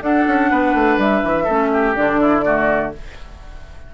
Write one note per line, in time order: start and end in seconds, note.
0.00 1.45 D4
0.00 0.25 D4
0.00 0.51 A4
0.00 1.00 F#5
0.27 0.51 C#4
0.51 0.74 B3
0.51 1.44 B4
0.74 0.97 A3
0.97 1.22 G3
0.97 1.95 E5
1.24 1.48 E3
1.44 1.97 A3
1.44 1.95 C#4
1.44 1.68 A4
1.73 2.20 G4
1.95 2.94 D3
1.95 2.43 D4
1.95 2.92 D5
2.20 2.44 E4
2.44 2.93 A3
2.44 2.93 F#4